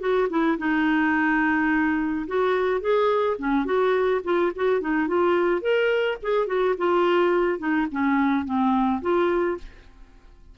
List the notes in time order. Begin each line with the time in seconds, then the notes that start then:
0.00 F#4
0.29 E4
0.58 D#4
2.27 F#4
2.81 G#4
3.38 C#4
3.65 F#4
4.24 F4
4.55 F#4
4.80 D#4
5.07 F4
5.61 A#4
6.22 G#4
6.47 F#4
6.77 F4
7.59 D#4
7.91 C#4
8.45 C4
9.01 F4